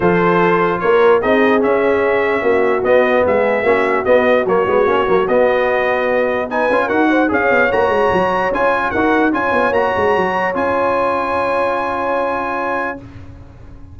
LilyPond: <<
  \new Staff \with { instrumentName = "trumpet" } { \time 4/4 \tempo 4 = 148 c''2 cis''4 dis''4 | e''2. dis''4 | e''2 dis''4 cis''4~ | cis''4 dis''2. |
gis''4 fis''4 f''4 ais''4~ | ais''4 gis''4 fis''4 gis''4 | ais''2 gis''2~ | gis''1 | }
  \new Staff \with { instrumentName = "horn" } { \time 4/4 a'2 ais'4 gis'4~ | gis'2 fis'2 | gis'4 fis'2.~ | fis'1 |
b'4 ais'8 c''8 cis''2~ | cis''2 ais'4 cis''4~ | cis''1~ | cis''1 | }
  \new Staff \with { instrumentName = "trombone" } { \time 4/4 f'2. dis'4 | cis'2. b4~ | b4 cis'4 b4 ais8 b8 | cis'8 ais8 b2. |
dis'8 f'8 fis'4 gis'4 fis'4~ | fis'4 f'4 fis'4 f'4 | fis'2 f'2~ | f'1 | }
  \new Staff \with { instrumentName = "tuba" } { \time 4/4 f2 ais4 c'4 | cis'2 ais4 b4 | gis4 ais4 b4 fis8 gis8 | ais8 fis8 b2.~ |
b8 cis'8 dis'4 cis'8 b8 ais8 gis8 | fis4 cis'4 dis'4 cis'8 b8 | ais8 gis8 fis4 cis'2~ | cis'1 | }
>>